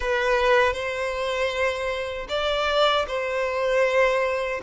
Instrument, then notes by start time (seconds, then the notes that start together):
violin
0.00 B4
0.73 C5
2.28 D5
3.07 C5